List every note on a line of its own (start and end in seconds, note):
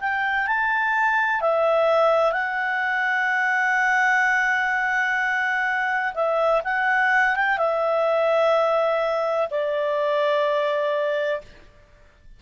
0.00 0.47 G5
0.47 1.41 A5
1.41 2.32 E5
2.32 6.13 F#5
6.14 6.61 E5
6.64 7.35 F#5
7.35 7.57 G5
7.57 9.48 E5
9.50 11.41 D5